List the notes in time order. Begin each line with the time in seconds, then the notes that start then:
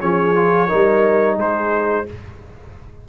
0.00 F3 C#4 G#4 C#5
0.35 F4
0.68 G3 D#4 A#4
1.35 G#3 G#4 C5